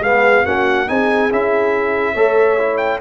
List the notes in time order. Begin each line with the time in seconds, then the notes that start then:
0.00 G#3 B3 G#4 F5
0.45 A#3 C#4 F#4 F#5
0.87 C4 D#4 G#4 G#5
1.31 C#4 E4 E5
2.13 A3 A4 C#5
2.58 E4
2.77 G5